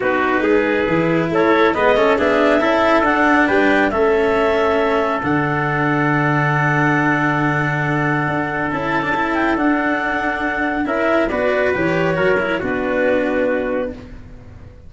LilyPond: <<
  \new Staff \with { instrumentName = "clarinet" } { \time 4/4 \tempo 4 = 138 b'2. cis''4 | dis''4 e''2 fis''4 | g''4 e''2. | fis''1~ |
fis''1 | a''4. g''8 fis''2~ | fis''4 e''4 d''4 cis''4~ | cis''4 b'2. | }
  \new Staff \with { instrumentName = "trumpet" } { \time 4/4 fis'4 gis'2 a'4 | b'8 a'8 gis'4 a'2 | b'4 a'2.~ | a'1~ |
a'1~ | a'1~ | a'4 ais'4 b'2 | ais'4 fis'2. | }
  \new Staff \with { instrumentName = "cello" } { \time 4/4 dis'2 e'2 | b8 cis'8 d'4 e'4 d'4~ | d'4 cis'2. | d'1~ |
d'1 | e'8. d'16 e'4 d'2~ | d'4 e'4 fis'4 g'4 | fis'8 e'8 d'2. | }
  \new Staff \with { instrumentName = "tuba" } { \time 4/4 b4 gis4 e4 a4 | gis8 a8 b4 cis'4 d'4 | g4 a2. | d1~ |
d2. d'4 | cis'2 d'2~ | d'4 cis'4 b4 e4 | fis4 b2. | }
>>